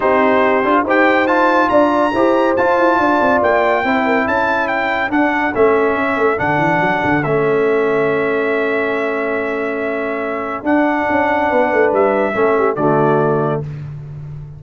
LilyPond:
<<
  \new Staff \with { instrumentName = "trumpet" } { \time 4/4 \tempo 4 = 141 c''2 g''4 a''4 | ais''2 a''2 | g''2 a''4 g''4 | fis''4 e''2 fis''4~ |
fis''4 e''2.~ | e''1~ | e''4 fis''2. | e''2 d''2 | }
  \new Staff \with { instrumentName = "horn" } { \time 4/4 g'2 c''2 | d''4 c''2 d''4~ | d''4 c''8 ais'8 a'2~ | a'1~ |
a'1~ | a'1~ | a'2. b'4~ | b'4 a'8 g'8 fis'2 | }
  \new Staff \with { instrumentName = "trombone" } { \time 4/4 dis'4. f'8 g'4 f'4~ | f'4 g'4 f'2~ | f'4 e'2. | d'4 cis'2 d'4~ |
d'4 cis'2.~ | cis'1~ | cis'4 d'2.~ | d'4 cis'4 a2 | }
  \new Staff \with { instrumentName = "tuba" } { \time 4/4 c'4. d'8 dis'2 | d'4 e'4 f'8 e'8 d'8 c'8 | ais4 c'4 cis'2 | d'4 a4 cis'8 a8 d8 e8 |
fis8 d8 a2.~ | a1~ | a4 d'4 cis'4 b8 a8 | g4 a4 d2 | }
>>